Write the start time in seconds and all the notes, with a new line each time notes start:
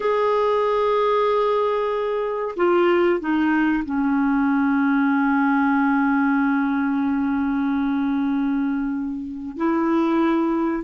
0.00 G#4
2.56 F4
3.19 D#4
3.84 C#4
9.56 E4